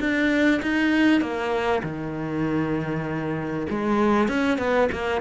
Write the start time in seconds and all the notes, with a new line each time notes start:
0.00 D4
0.63 D#4
1.21 A#3
1.83 D#3
3.70 G#3
4.29 C#4
4.59 B3
4.93 A#3